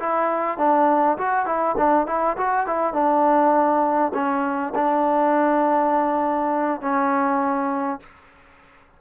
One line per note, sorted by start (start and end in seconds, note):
0.00 0.58 E4
0.58 1.18 D4
1.18 1.46 F#4
1.46 1.76 E4
1.78 2.07 D4
2.07 2.37 E4
2.38 2.67 F#4
2.67 2.94 E4
2.94 4.13 D4
4.14 4.74 C#4
4.76 6.82 D4
6.82 8.00 C#4